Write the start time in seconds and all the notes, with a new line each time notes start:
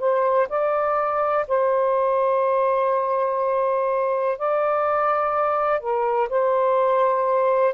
0.00 C5
0.50 D5
1.48 C5
4.39 D5
5.81 A#4
6.29 C5